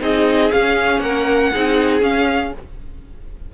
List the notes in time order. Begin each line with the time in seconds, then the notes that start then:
0.00 C4 D#4 G#4 D#5
0.52 C#4 F5
1.00 A#3 A#4 F#5
1.53 C4 D#4 G#4
2.01 C#4 F5